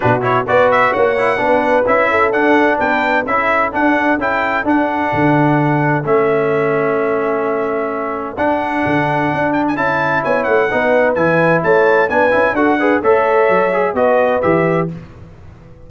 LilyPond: <<
  \new Staff \with { instrumentName = "trumpet" } { \time 4/4 \tempo 4 = 129 b'8 cis''8 d''8 e''8 fis''2 | e''4 fis''4 g''4 e''4 | fis''4 g''4 fis''2~ | fis''4 e''2.~ |
e''2 fis''2~ | fis''8 g''16 gis''16 a''4 gis''8 fis''4. | gis''4 a''4 gis''4 fis''4 | e''2 dis''4 e''4 | }
  \new Staff \with { instrumentName = "horn" } { \time 4/4 fis'4 b'4 cis''4 b'4~ | b'8 a'4. b'4 a'4~ | a'1~ | a'1~ |
a'1~ | a'2 cis''4 b'4~ | b'4 cis''4 b'4 a'8 b'8 | cis''2 b'2 | }
  \new Staff \with { instrumentName = "trombone" } { \time 4/4 d'8 e'8 fis'4. e'8 d'4 | e'4 d'2 e'4 | d'4 e'4 d'2~ | d'4 cis'2.~ |
cis'2 d'2~ | d'4 e'2 dis'4 | e'2 d'8 e'8 fis'8 gis'8 | a'4. gis'8 fis'4 g'4 | }
  \new Staff \with { instrumentName = "tuba" } { \time 4/4 b,4 b4 ais4 b4 | cis'4 d'4 b4 cis'4 | d'4 cis'4 d'4 d4~ | d4 a2.~ |
a2 d'4 d4 | d'4 cis'4 b8 a8 b4 | e4 a4 b8 cis'8 d'4 | a4 fis4 b4 e4 | }
>>